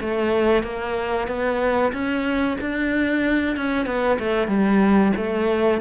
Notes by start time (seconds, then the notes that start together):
0.00 A3
0.63 A#3
1.27 B3
1.93 C#4
2.60 D4
3.56 C#4
3.86 B3
4.19 A3
4.48 G3
5.16 A3